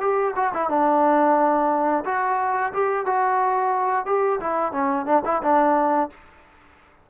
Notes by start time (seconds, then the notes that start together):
0.00 G4
0.35 F#4
0.53 E4
0.69 D4
2.05 F#4
2.73 G4
3.06 F#4
4.05 G4
4.40 E4
4.72 C#4
5.05 D4
5.25 E4
5.42 D4